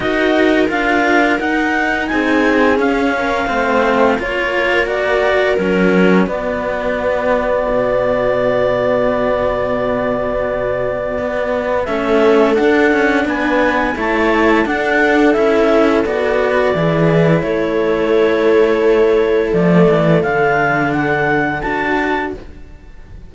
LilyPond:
<<
  \new Staff \with { instrumentName = "clarinet" } { \time 4/4 \tempo 4 = 86 dis''4 f''4 fis''4 gis''4 | f''2 cis''4 d''4 | ais'4 d''2.~ | d''1~ |
d''4 e''4 fis''4 gis''4 | a''4 fis''4 e''4 d''4~ | d''4 cis''2. | d''4 f''4 fis''4 a''4 | }
  \new Staff \with { instrumentName = "viola" } { \time 4/4 ais'2. gis'4~ | gis'8 ais'8 c''4 ais'2~ | ais'4 fis'2.~ | fis'1~ |
fis'4 a'2 b'4 | cis''4 a'2. | gis'4 a'2.~ | a'1 | }
  \new Staff \with { instrumentName = "cello" } { \time 4/4 fis'4 f'4 dis'2 | cis'4 c'4 f'4 fis'4 | cis'4 b2.~ | b1~ |
b4 cis'4 d'2 | e'4 d'4 e'4 fis'4 | e'1 | a4 d'2 fis'4 | }
  \new Staff \with { instrumentName = "cello" } { \time 4/4 dis'4 d'4 dis'4 c'4 | cis'4 a4 ais2 | fis4 b2 b,4~ | b,1 |
b4 a4 d'8 cis'8 b4 | a4 d'4 cis'4 b4 | e4 a2. | f8 e8 d2 d'4 | }
>>